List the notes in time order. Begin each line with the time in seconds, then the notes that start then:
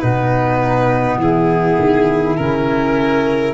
0.00 B2 B3 D#4 B4
1.16 E3 E4 G#4
1.78 D#3
2.37 C#3 C#4 A#4